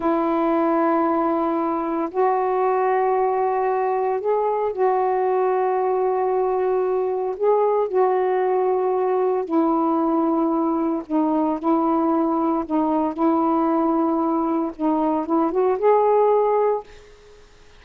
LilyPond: \new Staff \with { instrumentName = "saxophone" } { \time 4/4 \tempo 4 = 114 e'1 | fis'1 | gis'4 fis'2.~ | fis'2 gis'4 fis'4~ |
fis'2 e'2~ | e'4 dis'4 e'2 | dis'4 e'2. | dis'4 e'8 fis'8 gis'2 | }